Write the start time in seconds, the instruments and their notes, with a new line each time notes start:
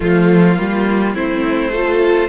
0.00 cello F3, viola A3, violin F4
0.56 cello G3, viola A#3
1.13 cello A3, viola C4, violin E4 C5
1.71 viola F4, violin A4